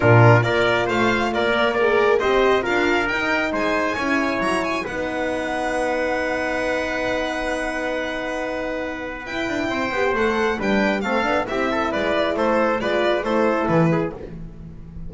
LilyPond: <<
  \new Staff \with { instrumentName = "violin" } { \time 4/4 \tempo 4 = 136 ais'4 d''4 f''4 d''4 | ais'4 dis''4 f''4 g''4 | gis''2 ais''8 gis''8 fis''4~ | fis''1~ |
fis''1~ | fis''4 g''2 fis''4 | g''4 f''4 e''4 d''4 | c''4 d''4 c''4 b'4 | }
  \new Staff \with { instrumentName = "trumpet" } { \time 4/4 f'4 ais'4 c''4 ais'4 | d''4 c''4 ais'2 | c''4 cis''2 b'4~ | b'1~ |
b'1~ | b'2 c''2 | b'4 a'4 g'8 a'8 b'4 | a'4 b'4 a'4. gis'8 | }
  \new Staff \with { instrumentName = "horn" } { \time 4/4 d'4 f'2~ f'8 ais'8 | gis'4 g'4 f'4 dis'4~ | dis'4 e'2 dis'4~ | dis'1~ |
dis'1~ | dis'4 e'4. g'8 a'4 | d'4 c'8 d'8 e'2~ | e'4 f'4 e'2 | }
  \new Staff \with { instrumentName = "double bass" } { \time 4/4 ais,4 ais4 a4 ais4~ | ais4 c'4 d'4 dis'4 | gis4 cis'4 fis4 b4~ | b1~ |
b1~ | b4 e'8 d'8 c'8 b8 a4 | g4 a8 b8 c'4 gis4 | a4 gis4 a4 e4 | }
>>